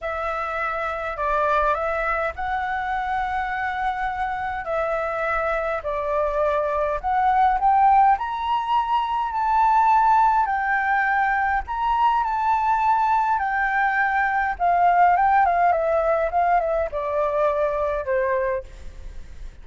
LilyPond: \new Staff \with { instrumentName = "flute" } { \time 4/4 \tempo 4 = 103 e''2 d''4 e''4 | fis''1 | e''2 d''2 | fis''4 g''4 ais''2 |
a''2 g''2 | ais''4 a''2 g''4~ | g''4 f''4 g''8 f''8 e''4 | f''8 e''8 d''2 c''4 | }